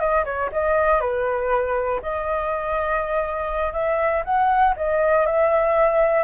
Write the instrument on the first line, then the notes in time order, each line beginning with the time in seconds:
flute
0.00 D#5
0.25 C#5
0.52 D#5
1.01 B4
2.03 D#5
3.73 E5
4.25 F#5
4.77 D#5
5.27 E5